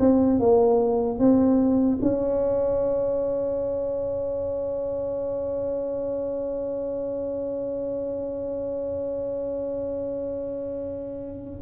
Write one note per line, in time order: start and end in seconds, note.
0.00 0.40 C4
0.40 1.19 A#3
1.19 1.99 C4
2.02 11.62 C#4